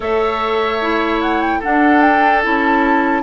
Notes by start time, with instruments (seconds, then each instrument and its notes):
0.00 bassoon A3, clarinet A4, oboe C#5, flute E5
0.81 clarinet E4
1.21 flute F#5
1.41 flute G5
1.59 clarinet D4, oboe A4, flute F#5
1.65 bassoon D4
2.01 flute G5
2.42 bassoon C#4, clarinet E4, flute A5